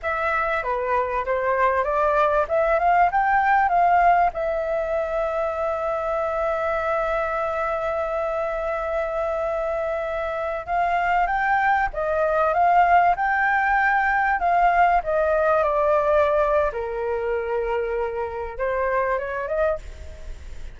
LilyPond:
\new Staff \with { instrumentName = "flute" } { \time 4/4 \tempo 4 = 97 e''4 b'4 c''4 d''4 | e''8 f''8 g''4 f''4 e''4~ | e''1~ | e''1~ |
e''4~ e''16 f''4 g''4 dis''8.~ | dis''16 f''4 g''2 f''8.~ | f''16 dis''4 d''4.~ d''16 ais'4~ | ais'2 c''4 cis''8 dis''8 | }